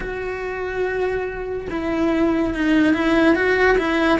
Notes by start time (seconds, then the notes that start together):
0.00 F#4
1.70 E4
2.53 D#4
2.94 E4
3.35 F#4
3.78 E4